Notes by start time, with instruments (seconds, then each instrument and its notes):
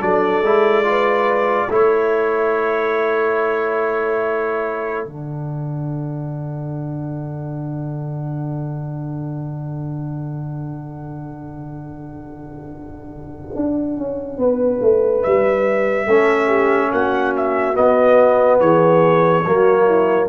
0.00 tuba F#3, trombone D4, horn A4, trumpet D5
0.41 tuba G#3, trombone E4
0.84 trombone F4, horn B4
1.68 tuba A3, trombone E4, horn A4, trumpet C#5
5.06 tuba D3, trombone D4, trumpet F#5
13.55 tuba D4
13.97 tuba C#4
14.38 tuba B3, horn B4
14.81 tuba A3
15.23 tuba G3, trumpet E5
16.07 tuba A3, trombone C#4, horn A4
16.47 horn G4
16.91 tuba A#3, horn F#4, trumpet F#5
17.36 trumpet E5
17.74 trombone B3, tuba B3, trumpet D#5
18.60 tuba E3, horn G#4, trumpet C#5
19.45 tuba F#3, trombone A#3, horn F#4
19.85 horn E4